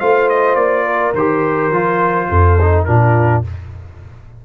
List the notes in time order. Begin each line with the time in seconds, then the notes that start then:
0.00 A3 F4 C5 F5
0.30 D#5
0.56 A#3 D5
0.85 A#4
1.14 D#3 G4 C5
1.71 F3 F4
2.30 F2 A4
2.61 D#4
2.85 A#2 D4 F4 A#4